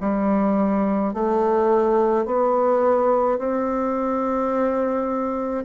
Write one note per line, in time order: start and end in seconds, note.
0.00 1.13 G3
1.13 2.25 A3
2.25 3.38 B3
3.38 5.64 C4